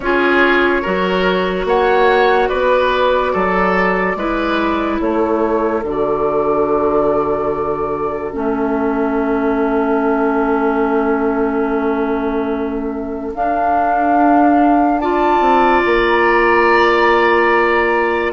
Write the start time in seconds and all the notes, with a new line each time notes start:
0.00 C#4 F4 G#4 C#5
0.82 F#3 F#4 A#4
1.65 A#3 C#5 F#5
2.48 B3 B4 D5
3.33 F#3 A4
4.15 G#3 E4 B4
4.99 A3 A4 C#5
5.83 D3 F#4 D5
8.31 A3 C#4 E5
13.34 D4 F5
14.98 F4 D5 A5
15.39 C4
15.85 A#3 A#5